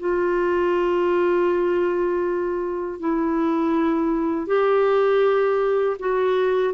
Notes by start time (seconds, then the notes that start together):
0.00 F4
3.00 E4
4.47 G4
6.00 F#4